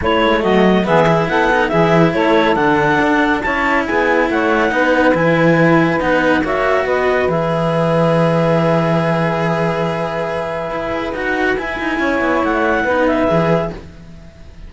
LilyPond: <<
  \new Staff \with { instrumentName = "clarinet" } { \time 4/4 \tempo 4 = 140 cis''4 dis''4 e''4 fis''4 | e''4 cis''4 fis''2 | a''4 gis''4 fis''2 | gis''2 fis''4 e''4 |
dis''4 e''2.~ | e''1~ | e''2 fis''4 gis''4~ | gis''4 fis''4. e''4. | }
  \new Staff \with { instrumentName = "saxophone" } { \time 4/4 e'4 fis'4 gis'4 a'4 | gis'4 a'2. | cis''4 gis'4 cis''4 b'4~ | b'2. cis''4 |
b'1~ | b'1~ | b'1 | cis''2 b'2 | }
  \new Staff \with { instrumentName = "cello" } { \time 4/4 a2 b8 e'4 dis'8 | e'2 d'2 | e'2. dis'4 | e'2 dis'4 fis'4~ |
fis'4 gis'2.~ | gis'1~ | gis'2 fis'4 e'4~ | e'2 dis'4 gis'4 | }
  \new Staff \with { instrumentName = "cello" } { \time 4/4 a8 gis8 fis4 e4 b4 | e4 a4 d4 d'4 | cis'4 b4 a4 b4 | e2 b4 ais4 |
b4 e2.~ | e1~ | e4 e'4 dis'4 e'8 dis'8 | cis'8 b8 a4 b4 e4 | }
>>